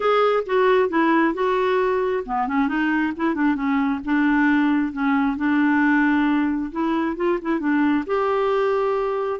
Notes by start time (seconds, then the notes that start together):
0.00 G#4
0.46 F#4
0.89 E4
1.34 F#4
2.25 B3
2.47 C#4
2.67 D#4
3.16 E4
3.34 D4
3.55 C#4
4.05 D4
4.92 C#4
5.36 D4
6.71 E4
7.16 F4
7.41 E4
7.59 D4
8.06 G4